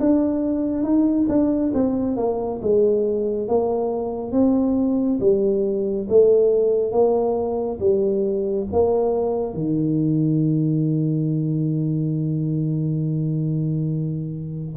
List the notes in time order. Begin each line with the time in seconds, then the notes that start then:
0.00 D4
0.83 D#4
1.28 D4
1.74 C4
2.17 A#3
2.62 G#3
3.48 A#3
4.32 C4
5.20 G3
6.09 A3
6.92 A#3
7.80 G3
8.72 A#3
9.54 D#3